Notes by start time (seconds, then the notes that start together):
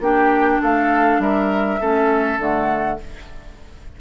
0.00 A#3 D4 G4 G5
0.62 A3 A4 F5
1.19 G3 A#4 E5
1.81 A3 C#4 A4
2.39 D3 A3 F#5